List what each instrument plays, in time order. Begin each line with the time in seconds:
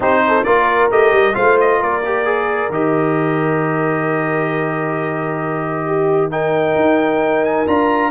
0.00 tuba C4, trombone D#4, horn G4, trumpet C5
0.27 horn A4
0.44 tuba A#3, trombone F4, horn A#4, trumpet D5
0.90 tuba A3, trombone G4, trumpet D#5
1.12 tuba G3
1.33 tuba A3, trombone F4, horn C5, trumpet F5
1.60 trumpet D#5
1.79 tuba A#3, horn A#4, trumpet D5
2.05 trombone G4
2.25 trombone G#4
2.69 tuba D#3, trombone G4, trumpet D#5
5.86 horn G4
6.30 trombone D#4, horn A#4, trumpet G5
6.75 tuba D#4
7.44 trumpet G#5
7.66 tuba D4, trombone F4, trumpet A#5